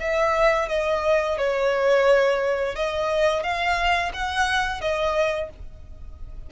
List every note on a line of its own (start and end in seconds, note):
0.00 0.69 E5
0.69 1.38 D#5
1.38 2.76 C#5
2.76 3.43 D#5
3.43 4.12 F5
4.14 4.81 F#5
4.81 5.50 D#5